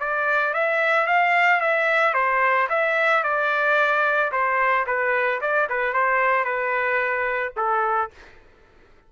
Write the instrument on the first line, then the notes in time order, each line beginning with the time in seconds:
trumpet
0.00 D5
0.54 E5
1.07 F5
1.61 E5
2.14 C5
2.70 E5
3.24 D5
4.32 C5
4.87 B4
5.41 D5
5.70 B4
5.93 C5
6.45 B4
7.57 A4